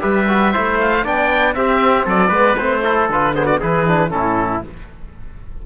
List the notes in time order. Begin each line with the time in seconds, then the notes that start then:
0.00 G3 G4 B4 E5
0.28 F#4
0.53 A3 E4 C5
0.80 F5
1.04 B3 D4 D5 G5
1.54 C4 G4 E5
2.06 F#3 A4 D5
2.29 G#3 B3 B4
2.57 A3 C4 C5
2.84 E4 A4
3.10 D3 F4 B4
3.35 B3 G#4 C5
3.46 F#4 D5
3.60 E3 E4 G#4 B4
3.87 D4
4.10 A2 C#4 E4 A4